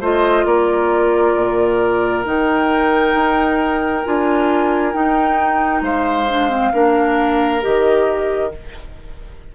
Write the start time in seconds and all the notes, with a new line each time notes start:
0.00 A3 F4 C5 D#5
0.45 A#3 A#4 D5
1.36 A#2
2.24 D#3 D#4 G5
3.14 D#4
4.04 D4 F4 G#5
4.93 D#4 G5
5.81 G#3 C5 F5
6.29 D4
6.49 C4
6.73 A#3 D4 A#4
7.61 D#3 G4 D#5